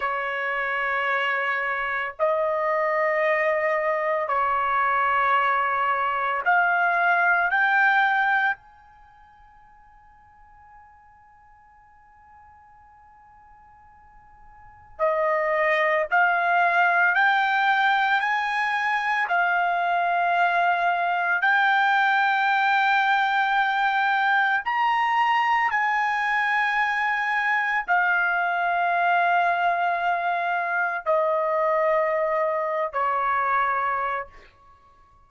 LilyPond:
\new Staff \with { instrumentName = "trumpet" } { \time 4/4 \tempo 4 = 56 cis''2 dis''2 | cis''2 f''4 g''4 | gis''1~ | gis''2 dis''4 f''4 |
g''4 gis''4 f''2 | g''2. ais''4 | gis''2 f''2~ | f''4 dis''4.~ dis''16 cis''4~ cis''16 | }